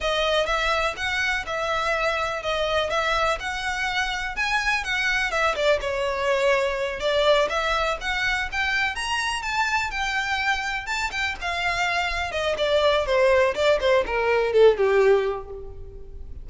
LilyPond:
\new Staff \with { instrumentName = "violin" } { \time 4/4 \tempo 4 = 124 dis''4 e''4 fis''4 e''4~ | e''4 dis''4 e''4 fis''4~ | fis''4 gis''4 fis''4 e''8 d''8 | cis''2~ cis''8 d''4 e''8~ |
e''8 fis''4 g''4 ais''4 a''8~ | a''8 g''2 a''8 g''8 f''8~ | f''4. dis''8 d''4 c''4 | d''8 c''8 ais'4 a'8 g'4. | }